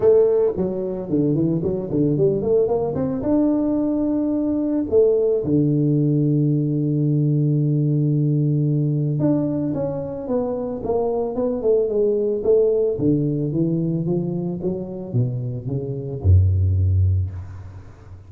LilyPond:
\new Staff \with { instrumentName = "tuba" } { \time 4/4 \tempo 4 = 111 a4 fis4 d8 e8 fis8 d8 | g8 a8 ais8 c'8 d'2~ | d'4 a4 d2~ | d1~ |
d4 d'4 cis'4 b4 | ais4 b8 a8 gis4 a4 | d4 e4 f4 fis4 | b,4 cis4 fis,2 | }